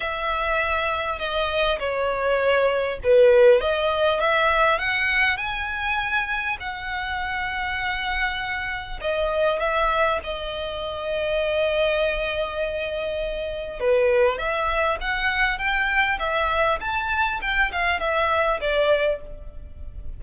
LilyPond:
\new Staff \with { instrumentName = "violin" } { \time 4/4 \tempo 4 = 100 e''2 dis''4 cis''4~ | cis''4 b'4 dis''4 e''4 | fis''4 gis''2 fis''4~ | fis''2. dis''4 |
e''4 dis''2.~ | dis''2. b'4 | e''4 fis''4 g''4 e''4 | a''4 g''8 f''8 e''4 d''4 | }